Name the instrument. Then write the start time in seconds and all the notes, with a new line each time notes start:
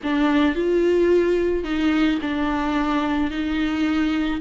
viola
0.03 D4
0.55 F4
1.64 D#4
2.21 D4
3.30 D#4